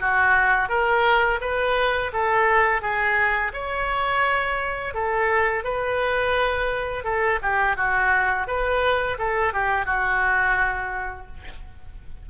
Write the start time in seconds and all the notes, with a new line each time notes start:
0.00 F#4
0.69 A#4
1.41 B4
2.13 A4
2.82 G#4
3.54 C#5
4.94 A4
5.64 B4
7.04 A4
7.42 G4
7.76 F#4
8.47 B4
9.19 A4
9.53 G4
9.86 F#4